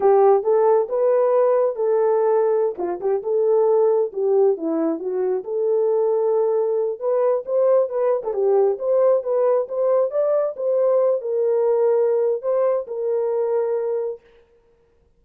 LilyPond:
\new Staff \with { instrumentName = "horn" } { \time 4/4 \tempo 4 = 135 g'4 a'4 b'2 | a'2~ a'16 f'8 g'8 a'8.~ | a'4~ a'16 g'4 e'4 fis'8.~ | fis'16 a'2.~ a'8 b'16~ |
b'8. c''4 b'8. a'16 g'4 c''16~ | c''8. b'4 c''4 d''4 c''16~ | c''4~ c''16 ais'2~ ais'8. | c''4 ais'2. | }